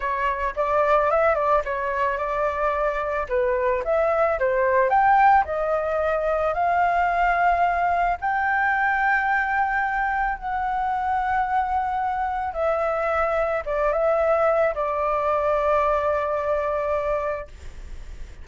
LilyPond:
\new Staff \with { instrumentName = "flute" } { \time 4/4 \tempo 4 = 110 cis''4 d''4 e''8 d''8 cis''4 | d''2 b'4 e''4 | c''4 g''4 dis''2 | f''2. g''4~ |
g''2. fis''4~ | fis''2. e''4~ | e''4 d''8 e''4. d''4~ | d''1 | }